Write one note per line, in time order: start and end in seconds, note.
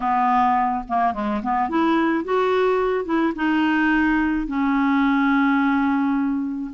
0.00 0.84 B3
0.88 1.13 A#3
1.13 1.41 G#3
1.42 1.69 B3
1.69 2.24 E4
2.24 3.05 F#4
3.05 3.33 E4
3.35 4.47 D#4
4.47 6.71 C#4